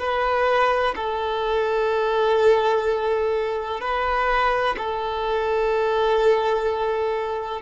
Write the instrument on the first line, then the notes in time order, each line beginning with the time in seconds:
violin
0.00 B4
0.96 A4
3.81 B4
4.78 A4